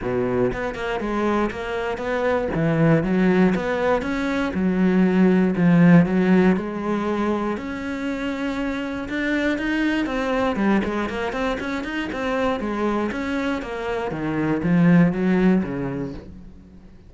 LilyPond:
\new Staff \with { instrumentName = "cello" } { \time 4/4 \tempo 4 = 119 b,4 b8 ais8 gis4 ais4 | b4 e4 fis4 b4 | cis'4 fis2 f4 | fis4 gis2 cis'4~ |
cis'2 d'4 dis'4 | c'4 g8 gis8 ais8 c'8 cis'8 dis'8 | c'4 gis4 cis'4 ais4 | dis4 f4 fis4 cis4 | }